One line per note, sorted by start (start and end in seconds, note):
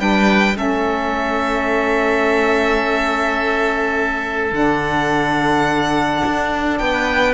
0.00 0.56 G3
0.00 0.54 D4
0.00 0.58 B4
0.00 0.57 G5
0.54 4.52 A3
0.54 4.50 C#4
0.54 6.80 A4
0.54 4.54 E5
4.52 6.22 D3
4.52 7.35 D4
4.52 6.78 F#5
6.25 6.80 D4
6.78 7.35 B3
6.78 7.35 B4
6.78 7.35 G5